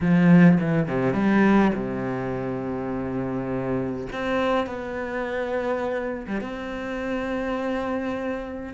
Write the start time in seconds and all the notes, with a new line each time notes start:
0.00 F3
0.60 E3
0.88 C3
1.13 G3
1.74 C3
4.12 C4
4.66 B3
6.27 G3
6.40 C4